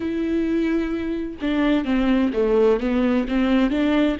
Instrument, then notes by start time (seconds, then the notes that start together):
viola
0.00 E4
1.41 D4
1.84 C4
2.33 A3
2.79 B3
3.27 C4
3.70 D4